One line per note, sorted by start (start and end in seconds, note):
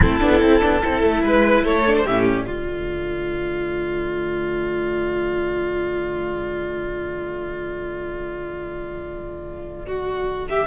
0.00 0.22 A3
0.00 0.20 C4
0.00 0.81 E4
0.00 1.24 A4
0.20 0.41 B3
0.20 0.40 D4
0.41 0.61 C4
0.41 0.61 E4
0.61 0.83 B3
0.61 0.81 D4
0.81 1.03 C4
0.81 1.85 E4
0.81 1.22 A4
1.03 1.22 A3
1.22 1.63 G#3
1.22 1.63 B4
1.22 1.65 B4
1.63 2.04 A3
1.63 2.04 A4
1.63 1.95 C#5
1.86 2.06 D4
1.97 2.06 C5
2.04 2.47 A2
2.04 2.45 C#4
2.04 2.45 G4
2.04 2.25 E5
2.25 10.47 D5
2.45 10.66 D3
2.45 10.66 A3
2.45 9.86 F4
9.86 10.48 F#4
10.49 10.66 G4
10.49 10.66 E5